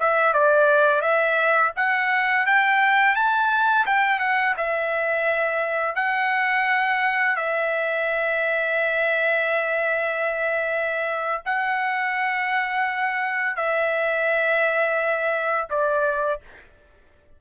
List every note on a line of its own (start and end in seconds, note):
0.00 0.34 E5
0.34 1.02 D5
1.02 1.72 E5
1.76 2.46 F#5
2.46 3.16 G5
3.16 3.86 A5
3.87 4.20 G5
4.20 4.55 F#5
4.58 5.96 E5
5.96 7.37 F#5
7.37 11.43 E5
11.46 13.57 F#5
13.57 15.68 E5
15.70 16.41 D5